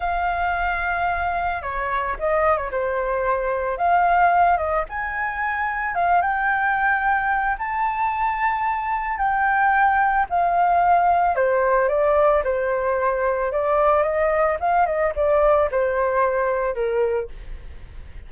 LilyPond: \new Staff \with { instrumentName = "flute" } { \time 4/4 \tempo 4 = 111 f''2. cis''4 | dis''8. cis''16 c''2 f''4~ | f''8 dis''8 gis''2 f''8 g''8~ | g''2 a''2~ |
a''4 g''2 f''4~ | f''4 c''4 d''4 c''4~ | c''4 d''4 dis''4 f''8 dis''8 | d''4 c''2 ais'4 | }